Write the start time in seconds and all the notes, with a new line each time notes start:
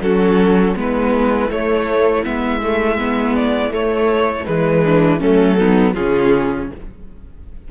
0.00 F#3 C#4 F#4 A4
0.75 G#3 B3 E4 B4
1.48 A3 C#5
2.23 G#3 B3 E5
2.62 A3
2.98 B3
3.35 D5
3.70 A3 C#5
4.45 E3 G#3 B4
4.82 D4
5.19 F#3 A3 C#4 A4
5.58 B3 D#4
5.93 C#3 C#4 F4 G#4